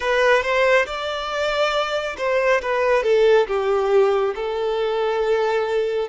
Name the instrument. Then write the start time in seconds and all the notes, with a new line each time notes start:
violin
0.00 B4
0.42 C5
0.86 D5
2.17 C5
2.61 B4
3.03 A4
3.47 G4
4.35 A4